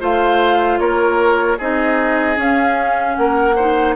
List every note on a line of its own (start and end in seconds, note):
0.00 0.79 A3
0.00 1.58 F4
0.00 0.79 C5
0.00 0.79 F5
0.79 1.58 A#3
0.79 1.58 A#4
0.79 1.58 C#5
1.58 2.37 C4
1.58 2.36 D#4
1.58 3.15 G#4
1.58 2.39 D#5
2.36 3.55 C#4
2.36 3.16 C#4
2.36 3.15 F5
3.15 3.96 A#3
3.15 3.55 A#4
3.15 3.94 F#5
3.55 3.96 D#4
3.55 3.95 C5